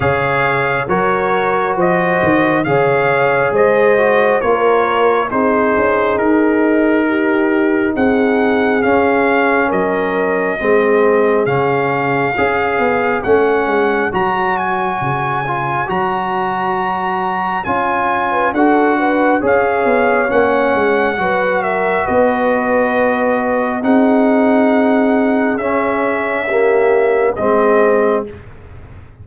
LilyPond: <<
  \new Staff \with { instrumentName = "trumpet" } { \time 4/4 \tempo 4 = 68 f''4 cis''4 dis''4 f''4 | dis''4 cis''4 c''4 ais'4~ | ais'4 fis''4 f''4 dis''4~ | dis''4 f''2 fis''4 |
ais''8 gis''4. ais''2 | gis''4 fis''4 f''4 fis''4~ | fis''8 e''8 dis''2 fis''4~ | fis''4 e''2 dis''4 | }
  \new Staff \with { instrumentName = "horn" } { \time 4/4 cis''4 ais'4 c''4 cis''4 | c''4 ais'4 gis'2 | g'4 gis'2 ais'4 | gis'2 cis''2~ |
cis''1~ | cis''8. b'16 a'8 b'8 cis''2 | b'8 ais'8 b'2 gis'4~ | gis'2 g'4 gis'4 | }
  \new Staff \with { instrumentName = "trombone" } { \time 4/4 gis'4 fis'2 gis'4~ | gis'8 fis'8 f'4 dis'2~ | dis'2 cis'2 | c'4 cis'4 gis'4 cis'4 |
fis'4. f'8 fis'2 | f'4 fis'4 gis'4 cis'4 | fis'2. dis'4~ | dis'4 cis'4 ais4 c'4 | }
  \new Staff \with { instrumentName = "tuba" } { \time 4/4 cis4 fis4 f8 dis8 cis4 | gis4 ais4 c'8 cis'8 dis'4~ | dis'4 c'4 cis'4 fis4 | gis4 cis4 cis'8 b8 a8 gis8 |
fis4 cis4 fis2 | cis'4 d'4 cis'8 b8 ais8 gis8 | fis4 b2 c'4~ | c'4 cis'2 gis4 | }
>>